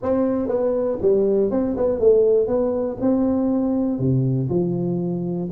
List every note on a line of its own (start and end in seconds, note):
0.02 0.48 C4
0.48 0.98 B3
1.01 1.50 G3
1.50 1.75 C4
1.76 1.99 B3
1.99 2.47 A3
2.47 2.97 B3
3.00 3.98 C4
3.98 4.48 C3
4.49 5.49 F3